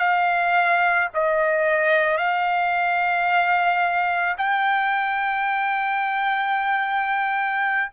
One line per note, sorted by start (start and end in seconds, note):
0.00 1.09 F5
1.15 2.18 D#5
2.18 4.36 F5
4.38 7.92 G5